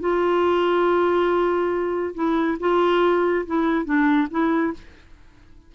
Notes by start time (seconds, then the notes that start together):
0.00 F4
2.15 E4
2.60 F4
3.46 E4
3.85 D4
4.30 E4